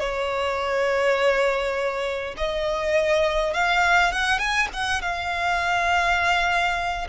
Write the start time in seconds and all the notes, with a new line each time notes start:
0.00 C#5
2.37 D#5
3.54 F5
4.13 F#5
4.39 G#5
4.74 F#5
5.02 F5